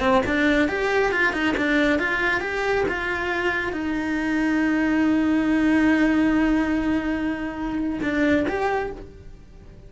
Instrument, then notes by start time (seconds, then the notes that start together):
cello
0.00 C4
0.26 D4
0.68 G4
1.12 F4
1.33 D#4
1.57 D4
1.99 F4
2.41 G4
2.88 F4
3.73 D#4
8.02 D4
8.49 G4